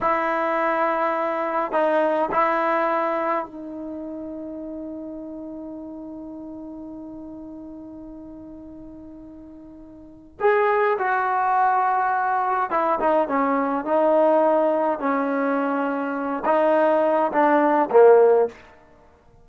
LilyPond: \new Staff \with { instrumentName = "trombone" } { \time 4/4 \tempo 4 = 104 e'2. dis'4 | e'2 dis'2~ | dis'1~ | dis'1~ |
dis'2 gis'4 fis'4~ | fis'2 e'8 dis'8 cis'4 | dis'2 cis'2~ | cis'8 dis'4. d'4 ais4 | }